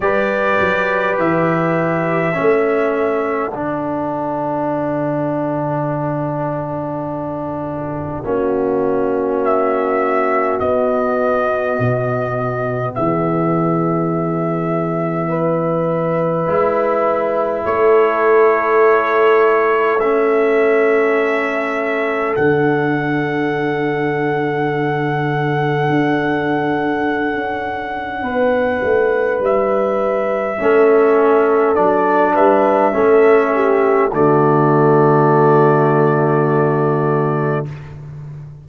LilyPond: <<
  \new Staff \with { instrumentName = "trumpet" } { \time 4/4 \tempo 4 = 51 d''4 e''2 fis''4~ | fis''1 | e''4 dis''2 e''4~ | e''2. cis''4~ |
cis''4 e''2 fis''4~ | fis''1~ | fis''4 e''2 d''8 e''8~ | e''4 d''2. | }
  \new Staff \with { instrumentName = "horn" } { \time 4/4 b'2 a'2~ | a'2. fis'4~ | fis'2. gis'4~ | gis'4 b'2 a'4~ |
a'1~ | a'1 | b'2 a'4. b'8 | a'8 g'8 fis'2. | }
  \new Staff \with { instrumentName = "trombone" } { \time 4/4 g'2 cis'4 d'4~ | d'2. cis'4~ | cis'4 b2.~ | b2 e'2~ |
e'4 cis'2 d'4~ | d'1~ | d'2 cis'4 d'4 | cis'4 a2. | }
  \new Staff \with { instrumentName = "tuba" } { \time 4/4 g8 fis8 e4 a4 d4~ | d2. ais4~ | ais4 b4 b,4 e4~ | e2 gis4 a4~ |
a2. d4~ | d2 d'4~ d'16 cis'8. | b8 a8 g4 a4 fis8 g8 | a4 d2. | }
>>